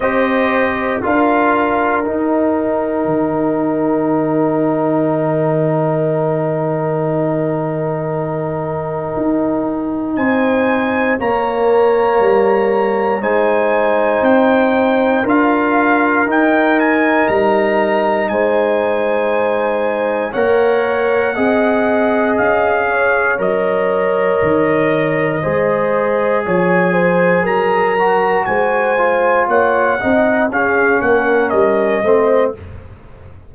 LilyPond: <<
  \new Staff \with { instrumentName = "trumpet" } { \time 4/4 \tempo 4 = 59 dis''4 f''4 g''2~ | g''1~ | g''2 gis''4 ais''4~ | ais''4 gis''4 g''4 f''4 |
g''8 gis''8 ais''4 gis''2 | fis''2 f''4 dis''4~ | dis''2 gis''4 ais''4 | gis''4 fis''4 f''8 fis''8 dis''4 | }
  \new Staff \with { instrumentName = "horn" } { \time 4/4 c''4 ais'2.~ | ais'1~ | ais'2 c''4 cis''4~ | cis''4 c''2 ais'4~ |
ais'2 c''2 | cis''4 dis''4. cis''4.~ | cis''4 c''4 cis''8 c''8 ais'4 | c''4 cis''8 dis''8 gis'8 ais'4 c''8 | }
  \new Staff \with { instrumentName = "trombone" } { \time 4/4 g'4 f'4 dis'2~ | dis'1~ | dis'2. ais4~ | ais4 dis'2 f'4 |
dis'1 | ais'4 gis'2 ais'4~ | ais'4 gis'2~ gis'8 fis'8~ | fis'8 f'4 dis'8 cis'4. c'8 | }
  \new Staff \with { instrumentName = "tuba" } { \time 4/4 c'4 d'4 dis'4 dis4~ | dis1~ | dis4 dis'4 c'4 ais4 | g4 gis4 c'4 d'4 |
dis'4 g4 gis2 | ais4 c'4 cis'4 fis4 | dis4 gis4 f4 fis4 | gis4 ais8 c'8 cis'8 ais8 g8 a8 | }
>>